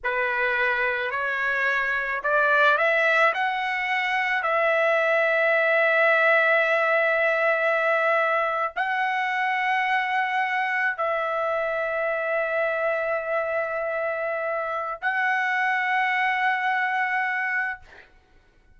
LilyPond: \new Staff \with { instrumentName = "trumpet" } { \time 4/4 \tempo 4 = 108 b'2 cis''2 | d''4 e''4 fis''2 | e''1~ | e''2.~ e''8. fis''16~ |
fis''2.~ fis''8. e''16~ | e''1~ | e''2. fis''4~ | fis''1 | }